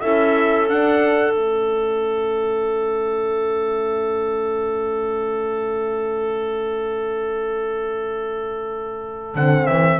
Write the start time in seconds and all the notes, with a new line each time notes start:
0.00 C#4 E4 A4 E5
0.67 D4 F#5
1.33 A3 C#4 E5
9.35 D3 C4 F#5
9.66 E3 E5